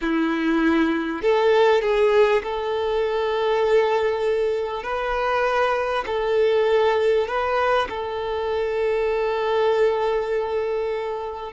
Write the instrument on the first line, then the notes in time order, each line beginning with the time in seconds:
violin
0.01 E4
1.22 A4
1.81 G#4
2.43 A4
4.83 B4
6.06 A4
7.27 B4
7.89 A4